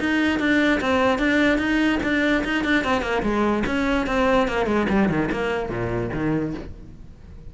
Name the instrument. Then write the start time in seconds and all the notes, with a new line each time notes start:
cello
0.00 D#4
0.39 D4
0.81 C4
1.19 D4
1.58 D#4
2.03 D4
2.44 D#4
2.64 D4
2.84 C4
3.02 A#3
3.23 G#3
3.66 C#4
4.07 C4
4.48 A#3
4.66 G#3
4.89 G3
5.09 D#3
5.31 A#3
5.70 A#2
6.14 D#3